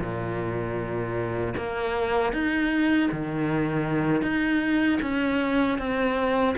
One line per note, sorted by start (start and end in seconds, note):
0.00 1.54 A#2
1.57 2.33 A#3
2.33 3.09 D#4
3.12 4.22 D#3
4.22 4.99 D#4
5.01 5.78 C#4
5.78 6.55 C4